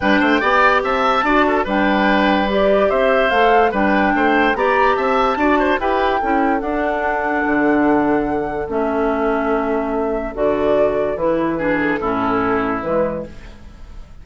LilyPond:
<<
  \new Staff \with { instrumentName = "flute" } { \time 4/4 \tempo 4 = 145 g''2 a''2 | g''2 d''4 e''4 | f''4 g''2 ais''4 | a''2 g''2 |
fis''1~ | fis''4 e''2.~ | e''4 d''2 b'4~ | b'8 a'2~ a'8 b'4 | }
  \new Staff \with { instrumentName = "oboe" } { \time 4/4 b'8 c''8 d''4 e''4 d''8 a'8 | b'2. c''4~ | c''4 b'4 c''4 d''4 | e''4 d''8 c''8 b'4 a'4~ |
a'1~ | a'1~ | a'1 | gis'4 e'2. | }
  \new Staff \with { instrumentName = "clarinet" } { \time 4/4 d'4 g'2 fis'4 | d'2 g'2 | a'4 d'2 g'4~ | g'4 fis'4 g'4 e'4 |
d'1~ | d'4 cis'2.~ | cis'4 fis'2 e'4 | d'4 cis'2 gis4 | }
  \new Staff \with { instrumentName = "bassoon" } { \time 4/4 g8 a8 b4 c'4 d'4 | g2. c'4 | a4 g4 a4 b4 | c'4 d'4 e'4 cis'4 |
d'2 d2~ | d4 a2.~ | a4 d2 e4~ | e4 a,2 e4 | }
>>